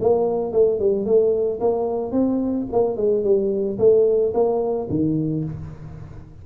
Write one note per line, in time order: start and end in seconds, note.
0.00 0.52 A#3
0.52 0.79 A3
0.79 1.05 G3
1.05 1.60 A3
1.60 2.12 A#3
2.12 2.66 C4
2.72 2.97 A#3
2.97 3.24 G#3
3.24 3.78 G3
3.79 4.33 A3
4.34 4.88 A#3
4.90 5.44 D#3